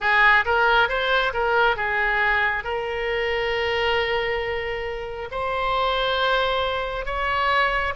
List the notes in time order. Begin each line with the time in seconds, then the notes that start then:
0.00 G#4
0.45 A#4
0.88 C5
1.33 A#4
1.76 G#4
2.64 A#4
5.31 C5
7.05 C#5